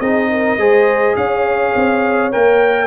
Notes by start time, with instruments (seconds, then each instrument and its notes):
0.00 tuba C4, trombone D#4, horn G#4, trumpet D#5
0.31 horn A#4
0.57 tuba G#3, trombone G#4, horn C5
1.16 tuba C#4, horn C#5, trumpet F5
1.75 tuba C4
2.32 tuba A#3, trombone A#4, trumpet G5